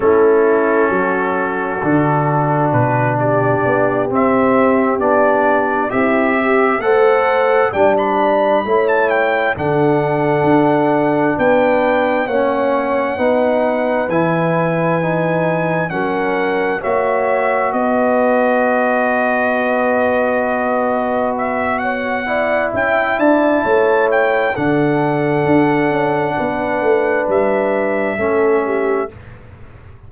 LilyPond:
<<
  \new Staff \with { instrumentName = "trumpet" } { \time 4/4 \tempo 4 = 66 a'2. b'8 d''8~ | d''8 e''4 d''4 e''4 fis''8~ | fis''8 g''16 b''4 a''16 g''8 fis''4.~ | fis''8 g''4 fis''2 gis''8~ |
gis''4. fis''4 e''4 dis''8~ | dis''2.~ dis''8 e''8 | fis''4 g''8 a''4 g''8 fis''4~ | fis''2 e''2 | }
  \new Staff \with { instrumentName = "horn" } { \time 4/4 e'4 fis'2~ fis'8 g'8~ | g'2~ g'8 e'8 g'8 c''8~ | c''8 d''4 cis''4 a'4.~ | a'8 b'4 cis''4 b'4.~ |
b'4. ais'4 cis''4 b'8~ | b'1 | cis''8 d''8 e''8 d''8 cis''4 a'4~ | a'4 b'2 a'8 g'8 | }
  \new Staff \with { instrumentName = "trombone" } { \time 4/4 cis'2 d'2~ | d'8 c'4 d'4 g'4 a'8~ | a'8 d'4 e'4 d'4.~ | d'4. cis'4 dis'4 e'8~ |
e'8 dis'4 cis'4 fis'4.~ | fis'1~ | fis'8 e'2~ e'8 d'4~ | d'2. cis'4 | }
  \new Staff \with { instrumentName = "tuba" } { \time 4/4 a4 fis4 d4 b,4 | b8 c'4 b4 c'4 a8~ | a8 g4 a4 d4 d'8~ | d'8 b4 ais4 b4 e8~ |
e4. fis4 ais4 b8~ | b1~ | b4 cis'8 d'8 a4 d4 | d'8 cis'8 b8 a8 g4 a4 | }
>>